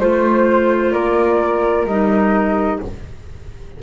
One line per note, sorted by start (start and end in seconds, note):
0.00 0.93 A3
0.00 1.88 F4
0.00 0.92 C5
0.00 0.93 C5
0.92 1.86 A#3
0.92 2.80 A#4
0.92 1.86 D5
1.86 2.79 G3
1.86 2.83 D#4
1.86 2.80 D#5